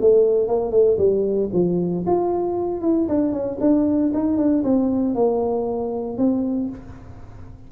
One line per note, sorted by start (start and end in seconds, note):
0.00 0.47 A3
0.47 0.71 A#3
0.71 0.97 A3
0.98 1.49 G3
1.53 2.04 F3
2.06 2.81 F4
2.81 3.07 E4
3.08 3.32 D4
3.32 3.58 C#4
3.60 4.12 D4
4.13 4.37 D#4
4.37 4.63 D4
4.63 5.14 C4
5.14 6.17 A#3
6.17 6.69 C4